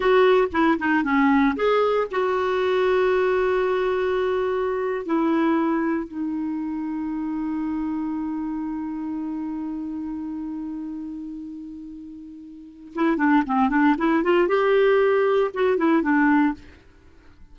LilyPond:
\new Staff \with { instrumentName = "clarinet" } { \time 4/4 \tempo 4 = 116 fis'4 e'8 dis'8 cis'4 gis'4 | fis'1~ | fis'4.~ fis'16 e'2 dis'16~ | dis'1~ |
dis'1~ | dis'1~ | dis'4 e'8 d'8 c'8 d'8 e'8 f'8 | g'2 fis'8 e'8 d'4 | }